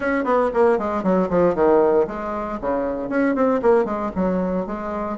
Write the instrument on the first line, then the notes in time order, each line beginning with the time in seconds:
bassoon
0.00 C#4
0.24 B3
0.53 A#3
0.78 G#3
1.03 F#3
1.29 F3
1.54 D#3
2.07 G#3
2.60 C#3
3.09 C#4
3.35 C4
3.62 A#3
3.85 G#3
4.15 F#3
4.66 G#3